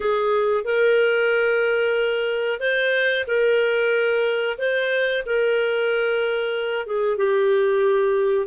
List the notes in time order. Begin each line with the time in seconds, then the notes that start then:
0.00 G#4
0.64 A#4
2.60 C5
3.27 A#4
4.58 C5
5.26 A#4
6.86 G#4
7.17 G4